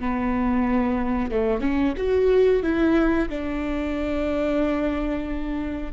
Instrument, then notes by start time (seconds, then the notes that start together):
viola
0.00 B3
1.32 A3
1.61 C#4
1.98 F#4
2.63 E4
3.30 D4